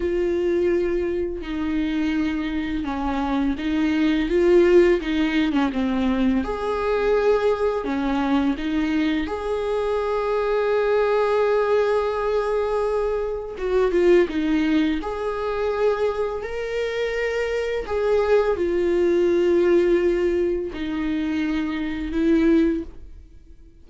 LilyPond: \new Staff \with { instrumentName = "viola" } { \time 4/4 \tempo 4 = 84 f'2 dis'2 | cis'4 dis'4 f'4 dis'8. cis'16 | c'4 gis'2 cis'4 | dis'4 gis'2.~ |
gis'2. fis'8 f'8 | dis'4 gis'2 ais'4~ | ais'4 gis'4 f'2~ | f'4 dis'2 e'4 | }